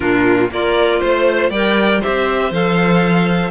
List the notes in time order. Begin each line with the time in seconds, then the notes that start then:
0.00 A#2 D4 F4 A#4
0.50 A#3 F4 A#4 D5
0.99 A3 C5
1.50 G3 A#4 D5 G5
2.00 G4 C5 E5
2.07 C4
2.50 F3 A4 F5